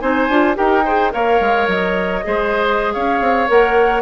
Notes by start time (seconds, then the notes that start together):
0.00 C4 D#4 C5 G#5
0.29 D4 F4
0.55 D#4 G4 A#4 G5
0.85 G#4 C5
1.12 A#3 A#4 C#5 F5
1.41 G#3
1.67 F#3 D#5
2.24 G#3 G#4 C5
2.94 C#4 C#5 F5
3.21 C4
3.48 A#3 A#4 F#5